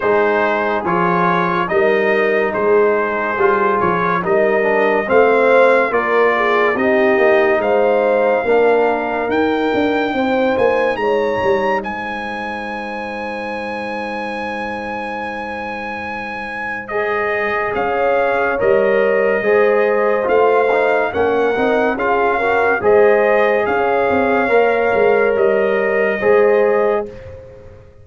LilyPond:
<<
  \new Staff \with { instrumentName = "trumpet" } { \time 4/4 \tempo 4 = 71 c''4 cis''4 dis''4 c''4~ | c''8 cis''8 dis''4 f''4 d''4 | dis''4 f''2 g''4~ | g''8 gis''8 ais''4 gis''2~ |
gis''1 | dis''4 f''4 dis''2 | f''4 fis''4 f''4 dis''4 | f''2 dis''2 | }
  \new Staff \with { instrumentName = "horn" } { \time 4/4 gis'2 ais'4 gis'4~ | gis'4 ais'4 c''4 ais'8 gis'8 | g'4 c''4 ais'2 | c''4 cis''4 c''2~ |
c''1~ | c''4 cis''2 c''4~ | c''4 ais'4 gis'8 ais'8 c''4 | cis''2. c''4 | }
  \new Staff \with { instrumentName = "trombone" } { \time 4/4 dis'4 f'4 dis'2 | f'4 dis'8 d'8 c'4 f'4 | dis'2 d'4 dis'4~ | dis'1~ |
dis'1 | gis'2 ais'4 gis'4 | f'8 dis'8 cis'8 dis'8 f'8 fis'8 gis'4~ | gis'4 ais'2 gis'4 | }
  \new Staff \with { instrumentName = "tuba" } { \time 4/4 gis4 f4 g4 gis4 | g8 f8 g4 a4 ais4 | c'8 ais8 gis4 ais4 dis'8 d'8 | c'8 ais8 gis8 g8 gis2~ |
gis1~ | gis4 cis'4 g4 gis4 | a4 ais8 c'8 cis'4 gis4 | cis'8 c'8 ais8 gis8 g4 gis4 | }
>>